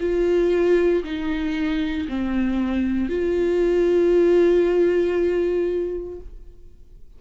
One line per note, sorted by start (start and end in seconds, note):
0.00 1.03 F4
1.03 2.07 D#4
2.08 3.09 C4
3.09 6.20 F4